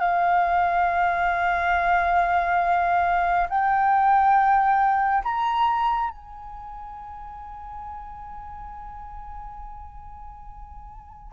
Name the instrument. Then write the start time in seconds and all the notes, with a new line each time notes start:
flute
0.00 F5
3.49 G5
5.24 A#5
6.11 G#5